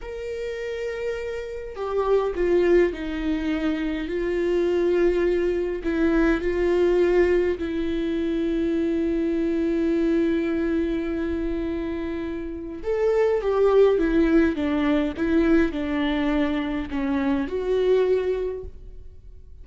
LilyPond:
\new Staff \with { instrumentName = "viola" } { \time 4/4 \tempo 4 = 103 ais'2. g'4 | f'4 dis'2 f'4~ | f'2 e'4 f'4~ | f'4 e'2.~ |
e'1~ | e'2 a'4 g'4 | e'4 d'4 e'4 d'4~ | d'4 cis'4 fis'2 | }